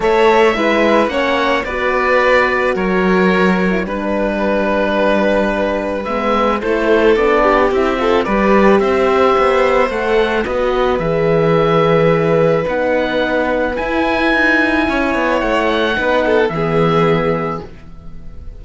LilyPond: <<
  \new Staff \with { instrumentName = "oboe" } { \time 4/4 \tempo 4 = 109 e''2 fis''4 d''4~ | d''4 cis''2 b'4~ | b'2. e''4 | c''4 d''4 e''4 d''4 |
e''2 fis''4 dis''4 | e''2. fis''4~ | fis''4 gis''2. | fis''2 e''2 | }
  \new Staff \with { instrumentName = "violin" } { \time 4/4 cis''4 b'4 cis''4 b'4~ | b'4 ais'2 b'4~ | b'1 | a'4. g'4 a'8 b'4 |
c''2. b'4~ | b'1~ | b'2. cis''4~ | cis''4 b'8 a'8 gis'2 | }
  \new Staff \with { instrumentName = "horn" } { \time 4/4 a'4 e'4 cis'4 fis'4~ | fis'2~ fis'8. e'16 d'4~ | d'2. b4 | e'4 d'4 e'8 f'8 g'4~ |
g'2 a'4 fis'4 | gis'2. dis'4~ | dis'4 e'2.~ | e'4 dis'4 b2 | }
  \new Staff \with { instrumentName = "cello" } { \time 4/4 a4 gis4 ais4 b4~ | b4 fis2 g4~ | g2. gis4 | a4 b4 c'4 g4 |
c'4 b4 a4 b4 | e2. b4~ | b4 e'4 dis'4 cis'8 b8 | a4 b4 e2 | }
>>